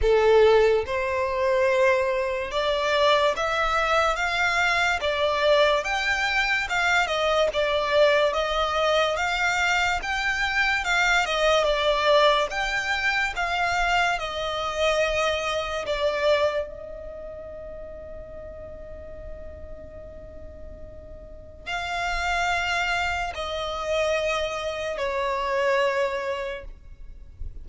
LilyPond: \new Staff \with { instrumentName = "violin" } { \time 4/4 \tempo 4 = 72 a'4 c''2 d''4 | e''4 f''4 d''4 g''4 | f''8 dis''8 d''4 dis''4 f''4 | g''4 f''8 dis''8 d''4 g''4 |
f''4 dis''2 d''4 | dis''1~ | dis''2 f''2 | dis''2 cis''2 | }